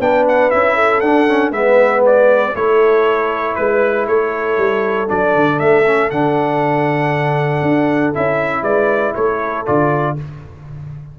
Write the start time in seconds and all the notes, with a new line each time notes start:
0.00 B3 D4 B4 G5
0.28 F#5
0.50 C#4 E4 E5
0.75 A4
1.00 D4 F#5
1.28 C#4
1.51 G#3 B3 B4 E5
2.06 D5
2.54 A3 E4 A4 C#5
3.55 G#3 B4
4.07 A3 A4 C#5
4.58 G3
5.08 F#3 D4 D5
5.35 D3
5.59 A3 E5
5.86 C#4
6.10 D3 D4 F#5
7.62 D4
8.14 C#4 E4 E5
8.62 G#3 B4 D5
9.15 A3 A4 C#5
9.66 D3 F4 D5